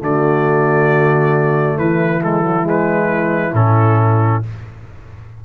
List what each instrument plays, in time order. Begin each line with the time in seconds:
0.00 tuba D3, trombone A3, horn F#4, trumpet D5
1.78 tuba E3, horn E4, trumpet B4
2.24 trombone G#3, trumpet A4
2.42 trombone F#3
2.63 trombone G#3
2.69 trumpet B4
3.54 tuba A2, trombone C#4, trumpet A4